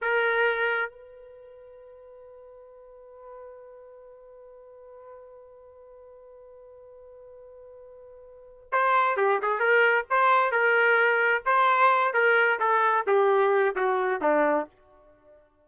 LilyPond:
\new Staff \with { instrumentName = "trumpet" } { \time 4/4 \tempo 4 = 131 ais'2 b'2~ | b'1~ | b'1~ | b'1~ |
b'2. c''4 | g'8 gis'8 ais'4 c''4 ais'4~ | ais'4 c''4. ais'4 a'8~ | a'8 g'4. fis'4 d'4 | }